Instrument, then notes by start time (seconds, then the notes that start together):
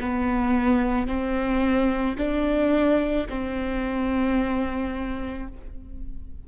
viola
0.00 B3
1.07 C4
2.18 D4
3.30 C4